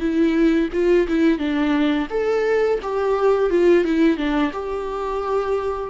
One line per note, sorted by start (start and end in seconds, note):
0.00 0.69 E4
0.73 1.07 F4
1.08 1.39 E4
1.39 2.08 D4
2.10 2.79 A4
2.82 3.50 G4
3.50 3.84 F4
3.84 4.17 E4
4.17 4.52 D4
4.53 5.90 G4